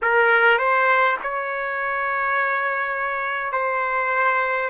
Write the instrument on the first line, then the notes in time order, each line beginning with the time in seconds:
trumpet
0.02 A#4
0.58 C5
1.22 C#5
3.52 C5